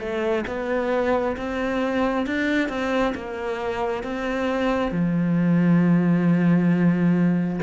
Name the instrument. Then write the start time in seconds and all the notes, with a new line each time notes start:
cello
0.00 A3
0.48 B3
1.38 C4
2.27 D4
2.69 C4
3.15 A#3
4.04 C4
4.92 F3